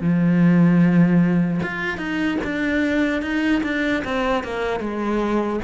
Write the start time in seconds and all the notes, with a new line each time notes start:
0.00 F3
1.63 F4
1.97 D#4
2.44 D4
3.22 D#4
3.63 D4
4.04 C4
4.43 A#3
4.80 G#3